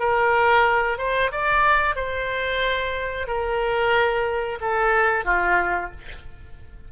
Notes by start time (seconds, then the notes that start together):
0.00 A#4
0.99 C5
1.32 D5
1.96 C5
3.28 A#4
4.61 A4
5.25 F4